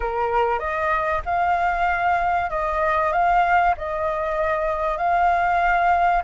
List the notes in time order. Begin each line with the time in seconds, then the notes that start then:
0.00 A#4
0.59 D#5
1.25 F5
2.50 D#5
3.12 F5
3.77 D#5
4.97 F5